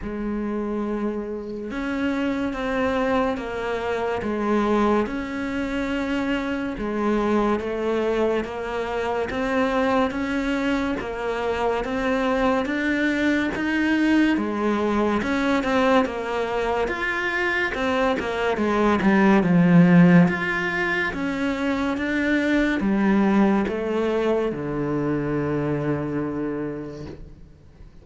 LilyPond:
\new Staff \with { instrumentName = "cello" } { \time 4/4 \tempo 4 = 71 gis2 cis'4 c'4 | ais4 gis4 cis'2 | gis4 a4 ais4 c'4 | cis'4 ais4 c'4 d'4 |
dis'4 gis4 cis'8 c'8 ais4 | f'4 c'8 ais8 gis8 g8 f4 | f'4 cis'4 d'4 g4 | a4 d2. | }